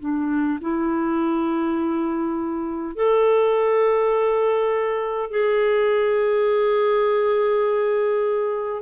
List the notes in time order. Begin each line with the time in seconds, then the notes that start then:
0.00 D4
0.61 E4
2.96 A4
5.30 G#4